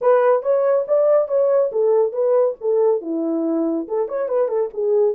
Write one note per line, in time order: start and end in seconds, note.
0.01 0.42 B4
0.42 0.85 C#5
0.87 1.28 D5
1.28 1.70 C#5
1.72 2.12 A4
2.12 2.55 B4
2.60 3.01 A4
3.01 3.87 E4
3.87 4.08 A4
4.08 4.28 C#5
4.28 4.48 B4
4.48 4.69 A4
4.73 5.14 G#4